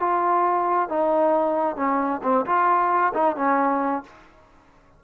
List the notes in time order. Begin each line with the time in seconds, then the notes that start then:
0.00 F4
0.89 D#4
1.76 C#4
2.23 C4
2.46 F4
3.14 D#4
3.36 C#4